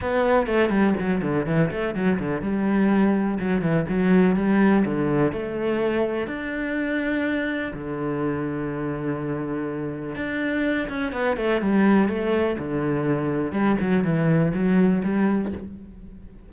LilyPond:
\new Staff \with { instrumentName = "cello" } { \time 4/4 \tempo 4 = 124 b4 a8 g8 fis8 d8 e8 a8 | fis8 d8 g2 fis8 e8 | fis4 g4 d4 a4~ | a4 d'2. |
d1~ | d4 d'4. cis'8 b8 a8 | g4 a4 d2 | g8 fis8 e4 fis4 g4 | }